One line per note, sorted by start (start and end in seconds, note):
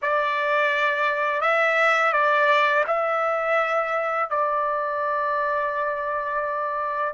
0.02 1.41 D5
1.41 2.12 E5
2.12 2.84 D5
2.87 4.30 E5
4.30 7.13 D5